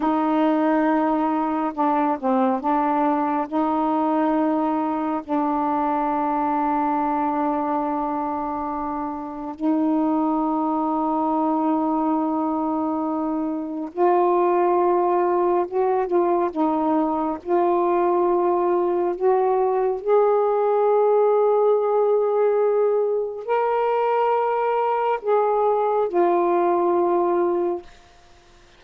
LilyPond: \new Staff \with { instrumentName = "saxophone" } { \time 4/4 \tempo 4 = 69 dis'2 d'8 c'8 d'4 | dis'2 d'2~ | d'2. dis'4~ | dis'1 |
f'2 fis'8 f'8 dis'4 | f'2 fis'4 gis'4~ | gis'2. ais'4~ | ais'4 gis'4 f'2 | }